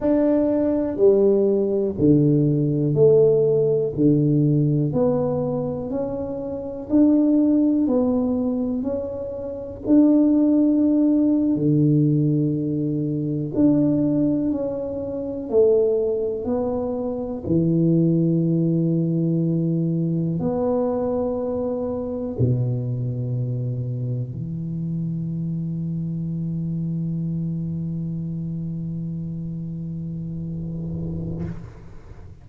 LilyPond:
\new Staff \with { instrumentName = "tuba" } { \time 4/4 \tempo 4 = 61 d'4 g4 d4 a4 | d4 b4 cis'4 d'4 | b4 cis'4 d'4.~ d'16 d16~ | d4.~ d16 d'4 cis'4 a16~ |
a8. b4 e2~ e16~ | e8. b2 b,4~ b,16~ | b,8. e2.~ e16~ | e1 | }